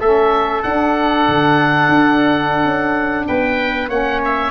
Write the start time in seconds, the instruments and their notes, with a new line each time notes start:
0.00 tuba A3, saxophone C#4, trumpet A4, oboe E5
0.63 saxophone D4, tuba D4, oboe F#5
1.28 tuba D3
1.88 tuba D4
2.65 tuba C#4
3.27 tuba B3, trumpet B4, oboe G5
3.89 tuba A#3, saxophone C#4, trumpet C#5, oboe F#5
4.24 oboe E5